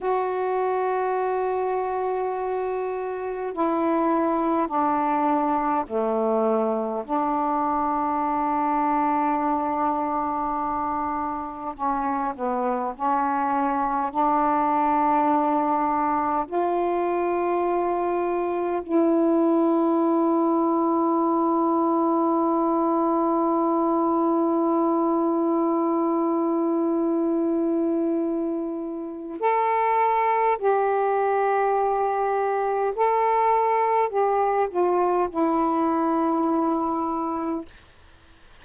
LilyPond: \new Staff \with { instrumentName = "saxophone" } { \time 4/4 \tempo 4 = 51 fis'2. e'4 | d'4 a4 d'2~ | d'2 cis'8 b8 cis'4 | d'2 f'2 |
e'1~ | e'1~ | e'4 a'4 g'2 | a'4 g'8 f'8 e'2 | }